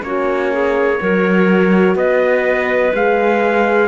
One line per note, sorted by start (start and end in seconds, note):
0.00 0.99 A#3
0.00 0.97 C#4
0.00 0.52 F#4
0.00 1.97 C#5
0.52 1.00 G#4
1.00 1.95 F#3
1.00 2.94 F#4
1.00 1.97 A#4
1.95 2.92 B3
1.95 3.87 B4
1.95 2.94 D#5
2.94 3.87 G#3
2.94 3.87 G#4
2.94 3.87 F5